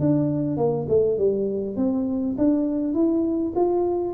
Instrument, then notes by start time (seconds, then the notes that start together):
tuba
0.00 D4
0.57 A#3
0.89 A3
1.18 G3
1.77 C4
2.38 D4
2.94 E4
3.56 F4